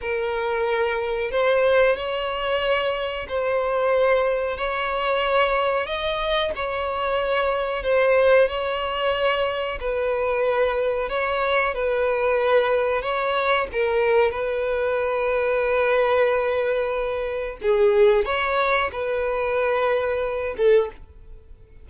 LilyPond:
\new Staff \with { instrumentName = "violin" } { \time 4/4 \tempo 4 = 92 ais'2 c''4 cis''4~ | cis''4 c''2 cis''4~ | cis''4 dis''4 cis''2 | c''4 cis''2 b'4~ |
b'4 cis''4 b'2 | cis''4 ais'4 b'2~ | b'2. gis'4 | cis''4 b'2~ b'8 a'8 | }